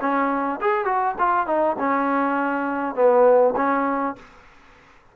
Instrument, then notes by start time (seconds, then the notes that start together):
trombone
0.00 C#4
0.60 G#4
0.85 F#4
1.18 F4
1.46 D#4
1.79 C#4
2.95 B3
3.56 C#4